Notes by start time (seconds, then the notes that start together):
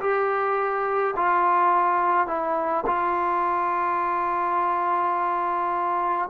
0.00 G4
1.16 F4
2.27 E4
2.86 F4